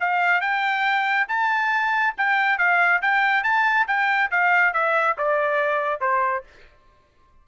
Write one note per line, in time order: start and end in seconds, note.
0.00 0.41 F5
0.41 1.27 G5
1.28 2.14 A5
2.17 2.58 G5
2.58 3.01 F5
3.01 3.43 G5
3.43 3.86 A5
3.87 4.30 G5
4.31 4.73 F5
4.73 5.17 E5
5.18 6.01 D5
6.01 6.44 C5